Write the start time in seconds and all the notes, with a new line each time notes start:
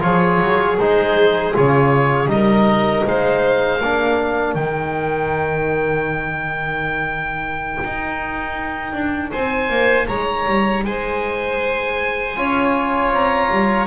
0.00 F3 F4 G#4 C#5
0.40 F#3
0.79 G#3 D#4 C5
1.53 C#3 F4 C#5
2.26 G3 D#4 D#5
2.33 A#4
3.06 G#3 C5 F5
3.80 A#3 D4 A#4
4.55 D#3 D#4 G5
7.84 D#4
8.93 D4
9.31 C4 C5 G#5
9.70 A#3
10.08 G#3 C#5 A#5
10.47 G3
10.84 G#3 C5 G#5
12.36 C#4 F4 C#5
13.11 C4 A#5
13.51 G3